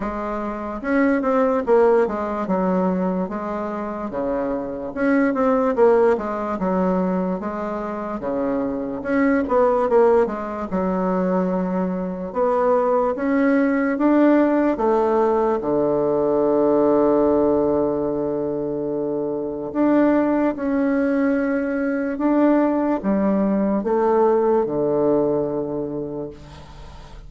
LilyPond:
\new Staff \with { instrumentName = "bassoon" } { \time 4/4 \tempo 4 = 73 gis4 cis'8 c'8 ais8 gis8 fis4 | gis4 cis4 cis'8 c'8 ais8 gis8 | fis4 gis4 cis4 cis'8 b8 | ais8 gis8 fis2 b4 |
cis'4 d'4 a4 d4~ | d1 | d'4 cis'2 d'4 | g4 a4 d2 | }